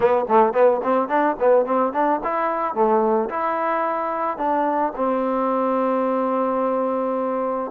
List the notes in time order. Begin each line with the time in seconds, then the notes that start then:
0.00 B3
0.28 A3
0.53 B3
0.83 C4
1.08 D4
1.39 B3
1.65 C4
1.92 D4
2.23 E4
2.74 A3
3.29 E4
4.37 D4
4.95 C4